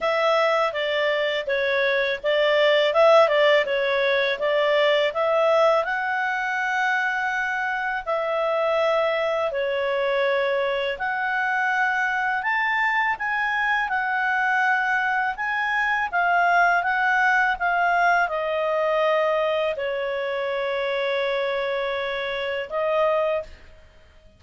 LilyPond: \new Staff \with { instrumentName = "clarinet" } { \time 4/4 \tempo 4 = 82 e''4 d''4 cis''4 d''4 | e''8 d''8 cis''4 d''4 e''4 | fis''2. e''4~ | e''4 cis''2 fis''4~ |
fis''4 a''4 gis''4 fis''4~ | fis''4 gis''4 f''4 fis''4 | f''4 dis''2 cis''4~ | cis''2. dis''4 | }